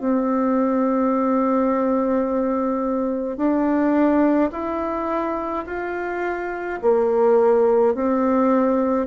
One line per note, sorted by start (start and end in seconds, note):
0.00 3.38 C4
3.38 4.51 D4
4.52 5.66 E4
5.67 6.80 F4
6.82 7.95 A#3
7.95 9.07 C4